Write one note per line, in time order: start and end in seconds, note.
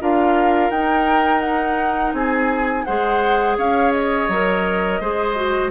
0.00 0.70 D4
0.00 0.71 F4
0.00 2.15 A#4
0.00 0.70 F5
0.70 2.13 D#4
0.70 2.87 D#4
0.70 1.40 G5
1.40 2.12 F#5
2.13 2.84 C4
2.13 2.86 G#4
2.13 2.84 G#5
2.84 3.57 G#3
2.84 4.30 G#4
2.84 3.57 C5
2.84 3.56 F#5
3.57 4.28 C#4
3.57 5.00 C#5
3.57 3.92 F5
3.92 5.70 D#5
4.28 5.00 F#3
4.28 5.02 A#4
5.00 5.71 G#3
5.00 5.36 G#4
5.00 5.71 C5
5.36 5.71 F#4